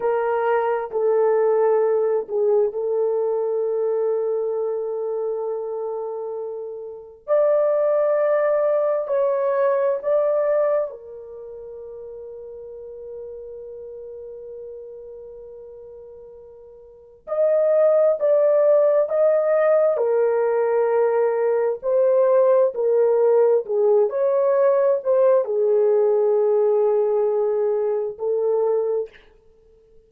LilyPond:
\new Staff \with { instrumentName = "horn" } { \time 4/4 \tempo 4 = 66 ais'4 a'4. gis'8 a'4~ | a'1 | d''2 cis''4 d''4 | ais'1~ |
ais'2. dis''4 | d''4 dis''4 ais'2 | c''4 ais'4 gis'8 cis''4 c''8 | gis'2. a'4 | }